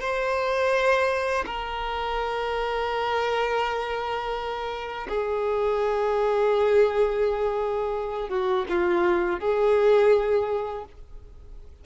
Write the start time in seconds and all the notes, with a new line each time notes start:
0.00 C5
1.46 A#4
5.08 G#4
8.29 F#4
8.69 F4
9.40 G#4